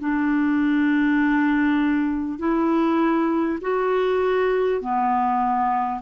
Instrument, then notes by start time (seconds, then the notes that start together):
clarinet
0.00 D4
2.39 E4
3.61 F#4
4.81 B3